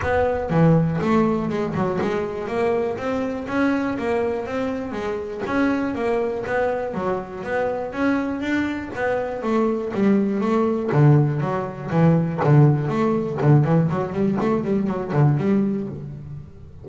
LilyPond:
\new Staff \with { instrumentName = "double bass" } { \time 4/4 \tempo 4 = 121 b4 e4 a4 gis8 fis8 | gis4 ais4 c'4 cis'4 | ais4 c'4 gis4 cis'4 | ais4 b4 fis4 b4 |
cis'4 d'4 b4 a4 | g4 a4 d4 fis4 | e4 d4 a4 d8 e8 | fis8 g8 a8 g8 fis8 d8 g4 | }